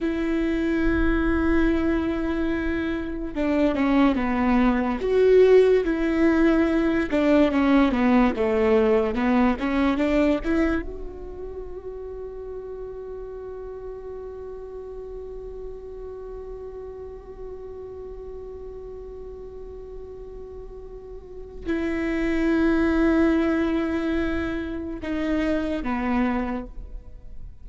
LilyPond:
\new Staff \with { instrumentName = "viola" } { \time 4/4 \tempo 4 = 72 e'1 | d'8 cis'8 b4 fis'4 e'4~ | e'8 d'8 cis'8 b8 a4 b8 cis'8 | d'8 e'8 fis'2.~ |
fis'1~ | fis'1~ | fis'2 e'2~ | e'2 dis'4 b4 | }